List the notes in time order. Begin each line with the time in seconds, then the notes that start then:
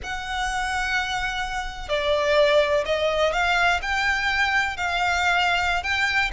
0.03 F#5
1.89 D5
2.85 D#5
3.32 F5
3.82 G5
4.76 F5
5.83 G5